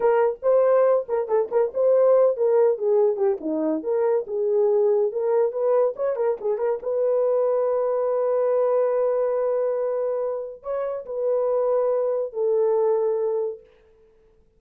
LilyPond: \new Staff \with { instrumentName = "horn" } { \time 4/4 \tempo 4 = 141 ais'4 c''4. ais'8 a'8 ais'8 | c''4. ais'4 gis'4 g'8 | dis'4 ais'4 gis'2 | ais'4 b'4 cis''8 ais'8 gis'8 ais'8 |
b'1~ | b'1~ | b'4 cis''4 b'2~ | b'4 a'2. | }